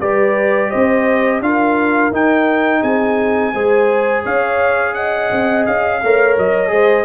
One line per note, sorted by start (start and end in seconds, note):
0.00 0.71 G3
0.00 1.42 G4
0.00 0.70 B4
0.00 0.70 D5
0.70 1.40 C4
0.70 1.40 C5
0.70 1.41 D#5
1.40 2.10 D4
1.40 2.12 F4
1.40 2.81 A#4
1.40 2.13 F5
2.11 2.81 D#4
2.11 3.54 D#4
2.11 2.83 G5
2.81 3.53 C4
2.81 3.51 G#4
2.81 4.24 G#5
3.53 4.24 G#3
3.53 6.01 G#4
3.53 4.23 C5
4.23 5.31 C#4
4.23 4.94 C#5
4.23 4.94 F5
4.94 6.01 D#5
4.94 5.64 F#5
5.31 5.66 C4
5.66 6.02 C#4
5.66 6.36 F5
6.02 6.37 A3
6.02 6.67 A#4
6.02 6.72 C#5
6.37 6.71 F#3
6.37 7.05 D#5
6.67 7.05 G#3
6.67 7.03 G#4
6.67 7.05 C5